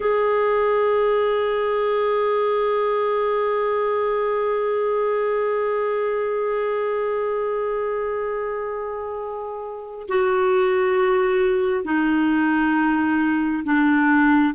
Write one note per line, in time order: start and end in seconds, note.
0.00 10.06 G#4
10.08 11.84 F#4
11.84 13.63 D#4
13.64 14.54 D4